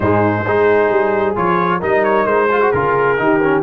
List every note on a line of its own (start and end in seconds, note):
0.00 0.45 G#2
0.00 0.45 G#3
0.00 0.44 D#4
0.00 1.35 C5
0.44 0.91 G#3
0.44 1.35 D#4
0.44 1.79 G#4
0.91 1.36 G3
1.35 1.82 F3
1.35 1.80 F4
1.35 1.81 C#5
1.79 2.25 G3
1.79 2.49 D#4
1.79 2.47 A#4
1.79 2.04 D#5
2.04 2.26 C#5
2.25 2.71 G#3
2.25 2.71 C5
2.51 2.61 F4
2.51 3.21 G#4
2.61 2.73 F#4
2.71 3.18 C#3
2.71 3.17 F4
2.71 3.62 A#4
3.17 3.63 D#3
3.17 3.40 D#4
3.17 3.63 G4
3.42 3.63 C#4